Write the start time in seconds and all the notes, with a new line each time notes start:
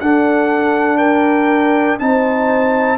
0.00 D4 A4 F#5
0.97 A#4 G5
1.99 C4 D#4 C5 A5